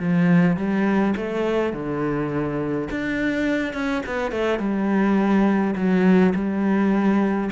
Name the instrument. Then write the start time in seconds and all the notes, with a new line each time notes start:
cello
0.00 F3
0.57 G3
1.17 A3
1.74 D3
2.91 D4
3.74 C#4
4.06 B3
4.32 A3
4.59 G3
5.76 F#3
6.35 G3